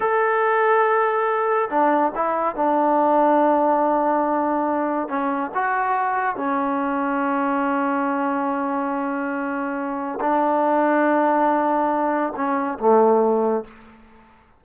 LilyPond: \new Staff \with { instrumentName = "trombone" } { \time 4/4 \tempo 4 = 141 a'1 | d'4 e'4 d'2~ | d'1 | cis'4 fis'2 cis'4~ |
cis'1~ | cis'1 | d'1~ | d'4 cis'4 a2 | }